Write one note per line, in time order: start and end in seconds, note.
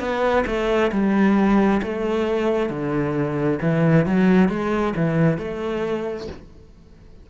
0.00 0.45 B3
0.47 0.92 A3
0.92 1.82 G3
1.83 2.70 A3
2.70 3.60 D3
3.62 4.07 E3
4.07 4.49 F#3
4.49 4.94 G#3
4.97 5.39 E3
5.39 6.28 A3